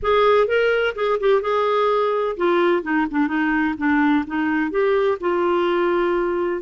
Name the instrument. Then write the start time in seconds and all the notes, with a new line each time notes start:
clarinet
0.02 G#4
0.47 A#4
0.95 G#4
1.20 G4
1.41 G#4
2.36 F4
2.82 D#4
3.11 D4
3.27 D#4
3.77 D4
4.26 D#4
4.71 G4
5.20 F4